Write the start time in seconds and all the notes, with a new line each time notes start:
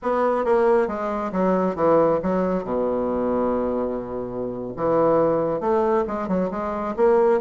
0.02 B3
0.44 A#3
0.87 G#3
1.32 F#3
1.75 E3
2.22 F#3
2.64 B2
4.76 E3
5.60 A3
6.07 G#3
6.27 F#3
6.51 G#3
6.96 A#3